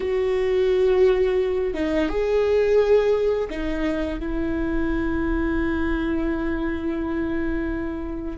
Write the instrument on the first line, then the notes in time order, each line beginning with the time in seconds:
viola
0.00 F#4
1.74 D#4
2.08 G#4
3.49 D#4
4.19 E4